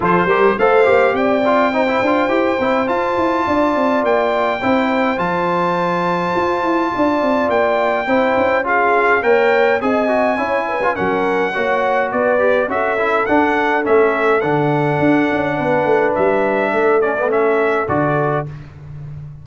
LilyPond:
<<
  \new Staff \with { instrumentName = "trumpet" } { \time 4/4 \tempo 4 = 104 c''4 f''4 g''2~ | g''4 a''2 g''4~ | g''4 a''2.~ | a''4 g''2 f''4 |
g''4 gis''2 fis''4~ | fis''4 d''4 e''4 fis''4 | e''4 fis''2. | e''4. d''8 e''4 d''4 | }
  \new Staff \with { instrumentName = "horn" } { \time 4/4 a'8 ais'8 c''4 d''4 c''4~ | c''2 d''2 | c''1 | d''2 c''4 gis'4 |
cis''4 dis''4 cis''8 b'8 ais'4 | cis''4 b'4 a'2~ | a'2. b'4~ | b'4 a'2. | }
  \new Staff \with { instrumentName = "trombone" } { \time 4/4 f'8 g'8 a'8 g'4 f'8 dis'16 e'16 f'8 | g'8 e'8 f'2. | e'4 f'2.~ | f'2 e'4 f'4 |
ais'4 gis'8 fis'8 e'8. f'16 cis'4 | fis'4. g'8 fis'8 e'8 d'4 | cis'4 d'2.~ | d'4. cis'16 b16 cis'4 fis'4 | }
  \new Staff \with { instrumentName = "tuba" } { \time 4/4 f8 g8 a8 ais8 c'4. d'8 | e'8 c'8 f'8 e'8 d'8 c'8 ais4 | c'4 f2 f'8 e'8 | d'8 c'8 ais4 c'8 cis'4. |
ais4 c'4 cis'4 fis4 | ais4 b4 cis'4 d'4 | a4 d4 d'8 cis'8 b8 a8 | g4 a2 d4 | }
>>